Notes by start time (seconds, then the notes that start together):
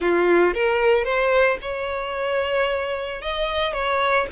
0.00 F4
0.54 A#4
1.04 C5
1.61 C#5
3.21 D#5
3.73 C#5